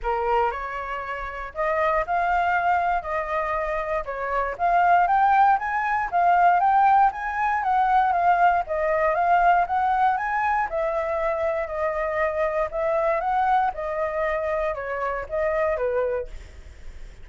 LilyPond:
\new Staff \with { instrumentName = "flute" } { \time 4/4 \tempo 4 = 118 ais'4 cis''2 dis''4 | f''2 dis''2 | cis''4 f''4 g''4 gis''4 | f''4 g''4 gis''4 fis''4 |
f''4 dis''4 f''4 fis''4 | gis''4 e''2 dis''4~ | dis''4 e''4 fis''4 dis''4~ | dis''4 cis''4 dis''4 b'4 | }